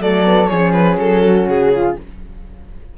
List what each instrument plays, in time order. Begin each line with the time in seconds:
0.00 cello F#3, horn A3, flute A4, violin D5
0.25 horn B3
0.48 cello F3, horn C#4, flute G#4, violin C#5
0.73 violin B4
0.98 cello F#3, violin A4
1.24 flute F#4
1.48 cello C#3, violin G#4
1.74 flute F4